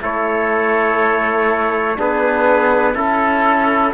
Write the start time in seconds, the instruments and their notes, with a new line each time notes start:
0.00 cello A3, trombone E4, trumpet A4 C#5
1.96 cello B3, trombone D4, trumpet G#4 B4
2.94 cello C#4, trombone E4, trumpet A4